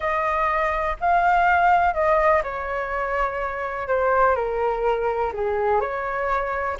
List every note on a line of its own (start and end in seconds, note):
0.00 0.97 D#5
1.00 1.94 F5
1.94 2.42 D#5
2.43 3.88 C#5
3.88 4.35 C5
4.35 5.32 A#4
5.33 5.80 G#4
5.80 6.77 C#5